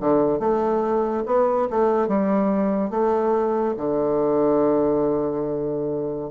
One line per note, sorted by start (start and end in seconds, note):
0.00 0.39 D3
0.39 1.24 A3
1.26 1.68 B3
1.70 2.08 A3
2.08 2.90 G3
2.90 3.75 A3
3.77 6.30 D3